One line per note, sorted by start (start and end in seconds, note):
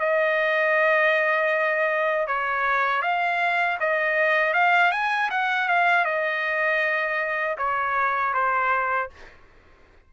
0.00 2.28 D#5
2.28 3.02 C#5
3.02 3.78 F5
3.80 4.54 D#5
4.54 4.92 F5
4.92 5.30 G#5
5.31 5.69 F#5
5.69 6.05 F5
6.05 7.57 D#5
7.58 8.34 C#5
8.34 9.10 C5